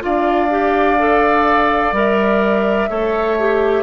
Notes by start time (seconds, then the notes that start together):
0.00 D4 F4 D5 F5
0.50 G4
0.98 A4
1.92 G3 A#4 E5
2.89 A3 A4 C#5
3.39 G4